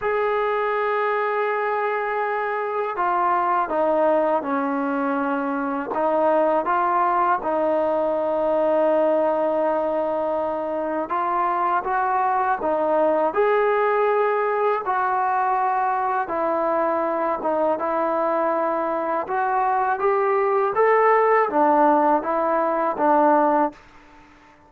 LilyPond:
\new Staff \with { instrumentName = "trombone" } { \time 4/4 \tempo 4 = 81 gis'1 | f'4 dis'4 cis'2 | dis'4 f'4 dis'2~ | dis'2. f'4 |
fis'4 dis'4 gis'2 | fis'2 e'4. dis'8 | e'2 fis'4 g'4 | a'4 d'4 e'4 d'4 | }